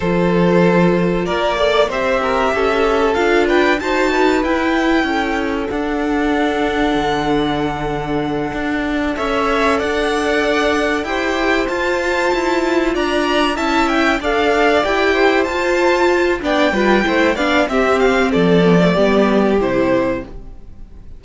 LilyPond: <<
  \new Staff \with { instrumentName = "violin" } { \time 4/4 \tempo 4 = 95 c''2 d''4 e''4~ | e''4 f''8 g''8 a''4 g''4~ | g''4 fis''2.~ | fis''2~ fis''8 e''4 fis''8~ |
fis''4. g''4 a''4.~ | a''8 ais''4 a''8 g''8 f''4 g''8~ | g''8 a''4. g''4. f''8 | e''8 f''8 d''2 c''4 | }
  \new Staff \with { instrumentName = "violin" } { \time 4/4 a'2 ais'8 d''8 c''8 ais'8 | a'4. b'8 c''8 b'4. | a'1~ | a'2~ a'8 cis''4 d''8~ |
d''4. c''2~ c''8~ | c''8 d''4 e''4 d''4. | c''2 d''8 b'8 c''8 d''8 | g'4 a'4 g'2 | }
  \new Staff \with { instrumentName = "viola" } { \time 4/4 f'2~ f'8 a'8 g'4~ | g'4 f'4 fis'4 e'4~ | e'4 d'2.~ | d'2~ d'8 a'4.~ |
a'4. g'4 f'4.~ | f'4. e'4 a'4 g'8~ | g'8 f'4. d'8 f'8 e'8 d'8 | c'4. b16 a16 b4 e'4 | }
  \new Staff \with { instrumentName = "cello" } { \time 4/4 f2 ais4 c'4 | cis'4 d'4 dis'4 e'4 | cis'4 d'2 d4~ | d4. d'4 cis'4 d'8~ |
d'4. e'4 f'4 e'8~ | e'8 d'4 cis'4 d'4 e'8~ | e'8 f'4. b8 g8 a8 b8 | c'4 f4 g4 c4 | }
>>